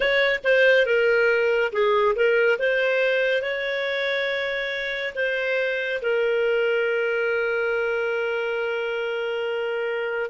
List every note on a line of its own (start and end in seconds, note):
0.00 0.39 C#5
0.44 0.86 C5
0.86 1.71 A#4
1.72 2.15 G#4
2.15 2.58 A#4
2.58 3.42 C5
3.42 5.13 C#5
5.15 6.00 C5
6.02 10.30 A#4